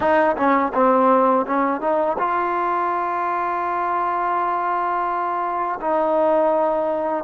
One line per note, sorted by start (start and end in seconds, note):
0.00 0.35 D#4
0.36 0.72 C#4
0.74 1.46 C4
1.46 1.80 C#4
1.80 2.17 D#4
2.18 5.79 F4
5.81 7.24 D#4